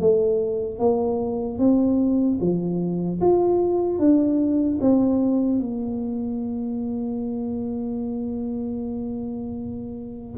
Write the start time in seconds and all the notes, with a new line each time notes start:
0.00 A3
0.79 A#3
1.59 C4
2.41 F3
3.21 F4
3.99 D4
4.81 C4
5.59 A#3